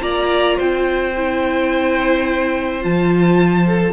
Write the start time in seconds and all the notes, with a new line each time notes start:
0.00 A#3 F4 D5 A#5
0.57 C4 C5 G5
1.17 E4
2.81 F3 F4 A5
3.66 A4